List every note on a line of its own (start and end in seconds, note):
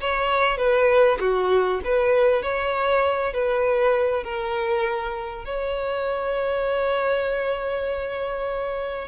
0.00 0.57 C#5
0.57 1.18 B4
1.20 1.80 F#4
1.84 2.42 B4
2.42 3.33 C#5
3.33 4.23 B4
4.23 5.44 A#4
5.44 9.08 C#5